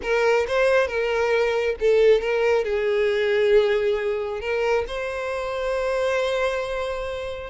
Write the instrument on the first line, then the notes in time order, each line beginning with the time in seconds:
violin
0.02 A#4
0.47 C5
0.87 A#4
1.79 A4
2.21 A#4
2.64 G#4
4.40 A#4
4.87 C5